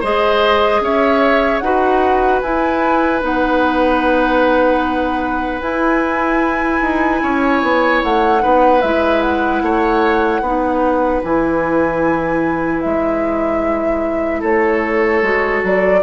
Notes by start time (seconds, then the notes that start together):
0.00 G#3 G#4 C5 D#5
0.80 C#4 C#5 E5
1.59 D#4 F#4 B4 F#5
2.41 E4 G#5
3.20 B3 D#4 F#5
5.61 E4 G#5
6.81 D#4
7.22 C#4 C#5
7.62 B3
8.02 A3 F#5
8.39 B3 D#4 B4
8.81 G#3 E4 E5
9.21 F#5
9.62 A3 C#5
10.41 B3 D#4 B4
11.23 E3 E4 G#5
12.81 G#3 E5
14.40 A3 A4 C#5
15.22 G#3 F#4
15.63 F#3 D5